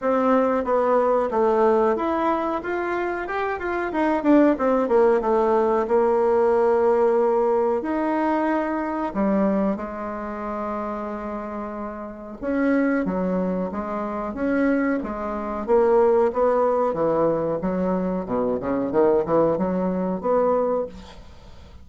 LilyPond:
\new Staff \with { instrumentName = "bassoon" } { \time 4/4 \tempo 4 = 92 c'4 b4 a4 e'4 | f'4 g'8 f'8 dis'8 d'8 c'8 ais8 | a4 ais2. | dis'2 g4 gis4~ |
gis2. cis'4 | fis4 gis4 cis'4 gis4 | ais4 b4 e4 fis4 | b,8 cis8 dis8 e8 fis4 b4 | }